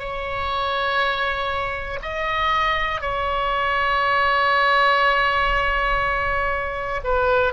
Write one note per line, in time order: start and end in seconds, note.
0.00 2.00 C#5
2.03 3.01 D#5
3.01 7.01 C#5
7.04 7.54 B4